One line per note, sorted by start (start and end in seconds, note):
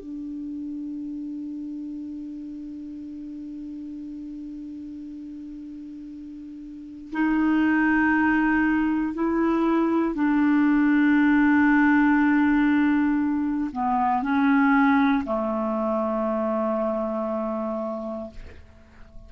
0.00 7.12 D4
7.12 9.14 D#4
9.14 10.15 E4
10.15 13.71 D4
13.72 14.23 B3
14.23 15.24 C#4
15.25 18.31 A3